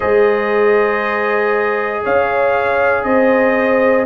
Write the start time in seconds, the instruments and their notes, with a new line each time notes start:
0.00 tuba G#3, trombone G#4, horn C5, trumpet D#5
2.03 tuba C#4, horn C#5, trumpet F5
3.03 tuba C4, horn C5, trumpet D#5